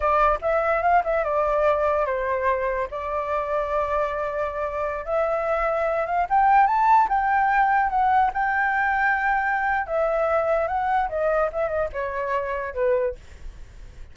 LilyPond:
\new Staff \with { instrumentName = "flute" } { \time 4/4 \tempo 4 = 146 d''4 e''4 f''8 e''8 d''4~ | d''4 c''2 d''4~ | d''1~ | d''16 e''2~ e''8 f''8 g''8.~ |
g''16 a''4 g''2 fis''8.~ | fis''16 g''2.~ g''8. | e''2 fis''4 dis''4 | e''8 dis''8 cis''2 b'4 | }